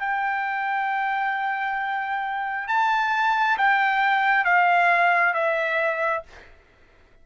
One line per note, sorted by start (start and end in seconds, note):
0.00 2.68 G5
2.68 3.58 A5
3.58 4.45 G5
4.45 5.34 F5
5.34 6.24 E5